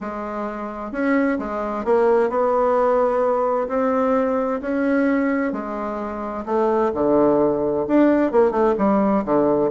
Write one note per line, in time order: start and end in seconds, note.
0.01 0.92 G#3
0.92 1.38 C#4
1.38 1.85 G#3
1.85 2.29 A#3
2.29 3.68 B3
3.68 4.60 C4
4.61 5.52 C#4
5.52 6.44 G#3
6.45 6.91 A3
6.94 7.86 D3
7.87 8.31 D4
8.31 8.51 A#3
8.51 8.74 A3
8.78 9.24 G3
9.24 9.70 D3